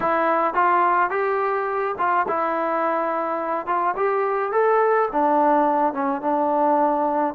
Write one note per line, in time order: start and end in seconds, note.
0.00 0.54 E4
0.54 1.10 F4
1.10 1.95 G4
1.98 2.26 F4
2.28 3.66 E4
3.66 3.94 F4
3.96 4.52 G4
4.52 5.08 A4
5.11 5.93 D4
5.93 6.21 C#4
6.21 7.34 D4